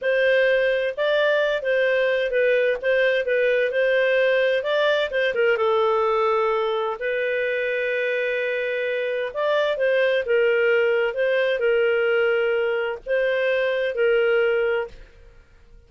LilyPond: \new Staff \with { instrumentName = "clarinet" } { \time 4/4 \tempo 4 = 129 c''2 d''4. c''8~ | c''4 b'4 c''4 b'4 | c''2 d''4 c''8 ais'8 | a'2. b'4~ |
b'1 | d''4 c''4 ais'2 | c''4 ais'2. | c''2 ais'2 | }